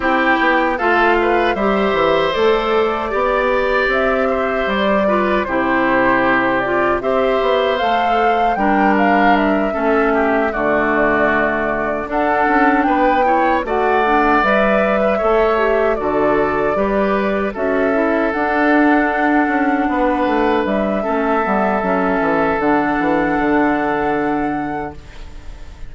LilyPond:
<<
  \new Staff \with { instrumentName = "flute" } { \time 4/4 \tempo 4 = 77 g''4 f''4 e''4 d''4~ | d''4 e''4 d''4 c''4~ | c''8 d''8 e''4 f''4 g''8 f''8 | e''4. d''2 fis''8~ |
fis''8 g''4 fis''4 e''4.~ | e''8 d''2 e''4 fis''8~ | fis''2~ fis''8 e''4.~ | e''4 fis''2. | }
  \new Staff \with { instrumentName = "oboe" } { \time 4/4 g'4 a'8 b'8 c''2 | d''4. c''4 b'8 g'4~ | g'4 c''2 ais'4~ | ais'8 a'8 g'8 fis'2 a'8~ |
a'8 b'8 cis''8 d''4.~ d''16 b'16 cis''8~ | cis''8 a'4 b'4 a'4.~ | a'4. b'4. a'4~ | a'1 | }
  \new Staff \with { instrumentName = "clarinet" } { \time 4/4 e'4 f'4 g'4 a'4 | g'2~ g'8 f'8 e'4~ | e'8 f'8 g'4 a'4 d'4~ | d'8 cis'4 a2 d'8~ |
d'4 e'8 fis'8 d'8 b'4 a'8 | g'8 fis'4 g'4 fis'8 e'8 d'8~ | d'2. cis'8 b8 | cis'4 d'2. | }
  \new Staff \with { instrumentName = "bassoon" } { \time 4/4 c'8 b8 a4 g8 e8 a4 | b4 c'4 g4 c4~ | c4 c'8 b8 a4 g4~ | g8 a4 d2 d'8 |
cis'8 b4 a4 g4 a8~ | a8 d4 g4 cis'4 d'8~ | d'4 cis'8 b8 a8 g8 a8 g8 | fis8 e8 d8 e8 d2 | }
>>